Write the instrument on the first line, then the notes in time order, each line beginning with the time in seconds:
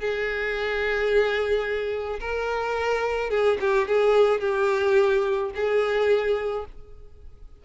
violin
0.00 G#4
2.20 A#4
3.31 G#4
3.61 G4
3.88 G#4
4.41 G4
5.55 G#4